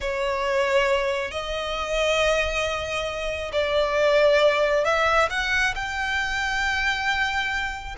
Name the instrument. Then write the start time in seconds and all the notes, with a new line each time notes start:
violin
0.00 C#5
1.31 D#5
3.52 D5
4.84 E5
5.30 F#5
5.75 G5